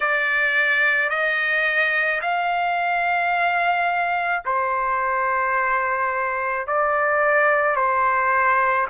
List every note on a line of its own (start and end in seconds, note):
0.00 1.09 D5
1.09 2.20 D#5
2.21 4.43 F5
4.45 6.67 C5
6.67 7.75 D5
7.75 8.86 C5